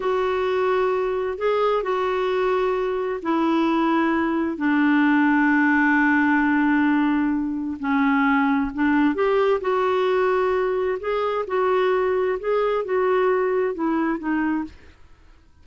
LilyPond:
\new Staff \with { instrumentName = "clarinet" } { \time 4/4 \tempo 4 = 131 fis'2. gis'4 | fis'2. e'4~ | e'2 d'2~ | d'1~ |
d'4 cis'2 d'4 | g'4 fis'2. | gis'4 fis'2 gis'4 | fis'2 e'4 dis'4 | }